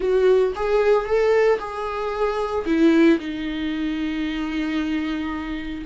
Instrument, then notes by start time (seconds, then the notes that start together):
viola
0.00 F#4
0.55 G#4
1.05 A4
1.59 G#4
2.65 E4
3.19 D#4